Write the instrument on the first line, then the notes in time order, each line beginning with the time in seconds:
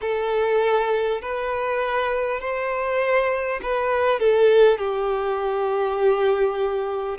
violin
0.01 A4
1.21 B4
2.40 C5
3.62 B4
4.19 A4
4.78 G4